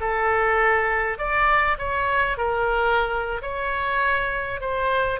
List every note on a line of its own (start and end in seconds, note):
0.00 1.18 A4
1.18 1.77 D5
1.78 2.37 C#5
2.37 3.41 A#4
3.42 4.60 C#5
4.60 5.20 C5